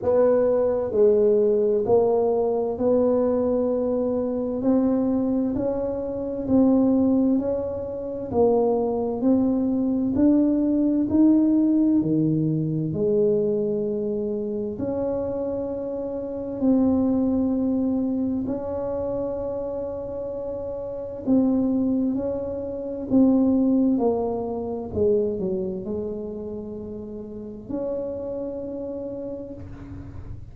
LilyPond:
\new Staff \with { instrumentName = "tuba" } { \time 4/4 \tempo 4 = 65 b4 gis4 ais4 b4~ | b4 c'4 cis'4 c'4 | cis'4 ais4 c'4 d'4 | dis'4 dis4 gis2 |
cis'2 c'2 | cis'2. c'4 | cis'4 c'4 ais4 gis8 fis8 | gis2 cis'2 | }